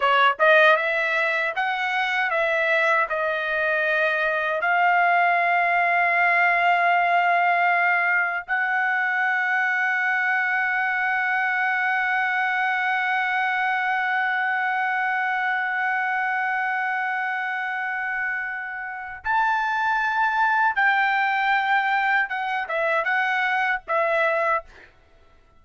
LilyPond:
\new Staff \with { instrumentName = "trumpet" } { \time 4/4 \tempo 4 = 78 cis''8 dis''8 e''4 fis''4 e''4 | dis''2 f''2~ | f''2. fis''4~ | fis''1~ |
fis''1~ | fis''1~ | fis''4 a''2 g''4~ | g''4 fis''8 e''8 fis''4 e''4 | }